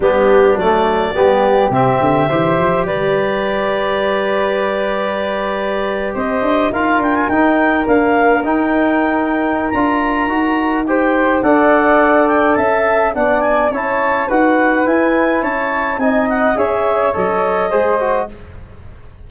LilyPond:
<<
  \new Staff \with { instrumentName = "clarinet" } { \time 4/4 \tempo 4 = 105 g'4 d''2 e''4~ | e''4 d''2.~ | d''2~ d''8. dis''4 f''16~ | f''16 g''16 gis''16 g''4 f''4 g''4~ g''16~ |
g''4 ais''2 g''4 | fis''4. g''8 a''4 fis''8 gis''8 | a''4 fis''4 gis''4 a''4 | gis''8 fis''8 e''4 dis''2 | }
  \new Staff \with { instrumentName = "flute" } { \time 4/4 d'2 g'2 | c''4 b'2.~ | b'2~ b'8. c''4 ais'16~ | ais'1~ |
ais'2. c''4 | d''2 e''4 d''4 | cis''4 b'2 cis''4 | dis''4 cis''2 c''4 | }
  \new Staff \with { instrumentName = "trombone" } { \time 4/4 b4 a4 b4 c'4 | g'1~ | g'2.~ g'8. f'16~ | f'8. dis'4 ais4 dis'4~ dis'16~ |
dis'4 f'4 fis'4 g'4 | a'2. d'4 | e'4 fis'4 e'2 | dis'4 gis'4 a'4 gis'8 fis'8 | }
  \new Staff \with { instrumentName = "tuba" } { \time 4/4 g4 fis4 g4 c8 d8 | e8 f8 g2.~ | g2~ g8. c'8 d'8 dis'16~ | dis'16 d'8 dis'4 d'4 dis'4~ dis'16~ |
dis'4 d'4 dis'2 | d'2 cis'4 b4 | cis'4 dis'4 e'4 cis'4 | c'4 cis'4 fis4 gis4 | }
>>